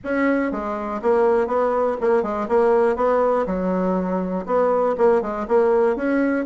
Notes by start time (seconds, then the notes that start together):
0.04 C#4
0.51 G#3
1.02 A#3
1.47 B3
2.00 A#3
2.22 G#3
2.48 A#3
2.96 B3
3.46 F#3
4.46 B3
4.97 A#3
5.21 G#3
5.47 A#3
5.95 C#4